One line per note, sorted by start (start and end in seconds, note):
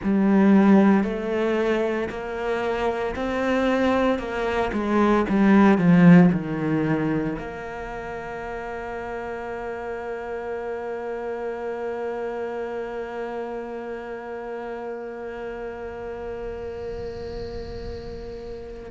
0.03 1.03 G3
1.03 2.09 A3
2.09 3.14 A#3
3.15 4.18 C4
4.18 4.71 A#3
4.73 5.25 G#3
5.29 5.78 G3
5.78 6.30 F3
6.32 7.37 D#3
7.38 18.90 A#3